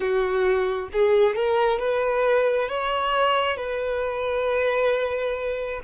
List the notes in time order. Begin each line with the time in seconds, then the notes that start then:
0.00 F#4
0.92 G#4
1.35 A#4
1.79 B4
2.69 C#5
3.56 B4